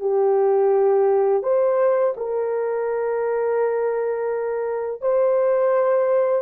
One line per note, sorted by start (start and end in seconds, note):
0.00 1.43 G4
1.43 2.14 C5
2.17 5.01 A#4
5.01 6.43 C5